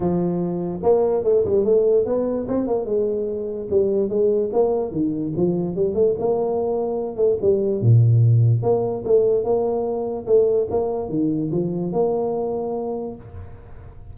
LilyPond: \new Staff \with { instrumentName = "tuba" } { \time 4/4 \tempo 4 = 146 f2 ais4 a8 g8 | a4 b4 c'8 ais8 gis4~ | gis4 g4 gis4 ais4 | dis4 f4 g8 a8 ais4~ |
ais4. a8 g4 ais,4~ | ais,4 ais4 a4 ais4~ | ais4 a4 ais4 dis4 | f4 ais2. | }